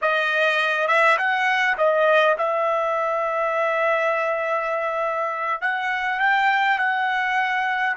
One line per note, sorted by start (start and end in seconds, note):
0.01 0.87 D#5
0.87 1.17 E5
1.18 1.76 F#5
1.77 2.36 D#5
2.38 5.61 E5
5.61 6.19 F#5
6.19 6.78 G5
6.78 7.95 F#5